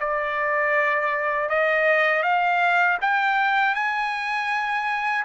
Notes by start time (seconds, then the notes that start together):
0.00 D5
1.50 D#5
2.23 F5
3.01 G5
3.75 G#5